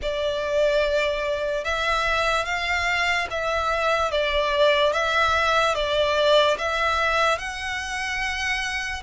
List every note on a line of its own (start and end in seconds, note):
0.01 1.64 D5
1.64 2.45 E5
2.45 3.27 F5
3.30 4.11 E5
4.11 4.92 D5
4.92 5.75 E5
5.75 6.57 D5
6.58 7.38 E5
7.38 9.02 F#5